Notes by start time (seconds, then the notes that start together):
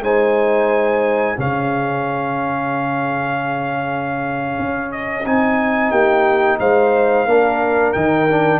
0.00 G#3 D#4 C5 G#5
1.37 C#3 C#4 G#4 F5
4.59 C#4
4.92 D#5
5.26 C4 D#4 G#5
5.91 A#3 G4 G5
6.59 G#3 C5 F5
7.26 A#3 D4 A#4
7.93 D#3 D#4 G5
8.29 D4